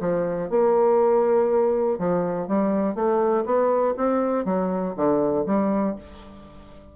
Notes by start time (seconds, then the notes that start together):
0.00 F3
0.50 A#3
1.99 F3
2.48 G3
2.95 A3
3.45 B3
3.97 C4
4.45 F#3
4.96 D3
5.46 G3